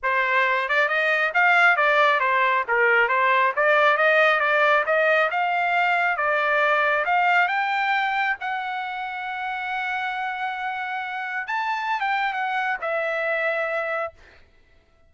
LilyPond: \new Staff \with { instrumentName = "trumpet" } { \time 4/4 \tempo 4 = 136 c''4. d''8 dis''4 f''4 | d''4 c''4 ais'4 c''4 | d''4 dis''4 d''4 dis''4 | f''2 d''2 |
f''4 g''2 fis''4~ | fis''1~ | fis''2 a''4~ a''16 g''8. | fis''4 e''2. | }